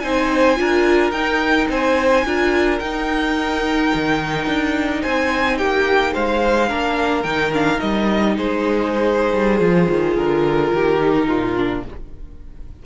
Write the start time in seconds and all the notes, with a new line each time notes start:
0.00 C4 D#4 C5 G#5
0.57 D4 F4 A#4
1.12 D#4 G5
1.69 C4 C5 G#5
2.25 D4 F4 A#4
2.80 D#4 G5
3.95 D#3
4.47 D4
5.03 C4 C5 G#5
5.58 A#3 G4 G5
6.14 G#3 C5 F5
6.68 A#3 D4 A#4
7.23 D#3 D#4 G5
7.54 D4 F5
7.77 G3 D#4 D#5
8.38 G#3 G#4 C5
9.33 G3
9.61 F3 F4
9.90 D#3
10.17 D3 A#4
10.74 D#3 G4
11.01 D#4
11.28 A#2 F4
11.56 D4